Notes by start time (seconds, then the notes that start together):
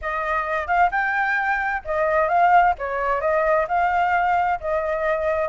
0.01 D#5
0.67 F5
0.91 G5
1.84 D#5
2.28 F5
2.78 C#5
3.20 D#5
3.67 F5
4.60 D#5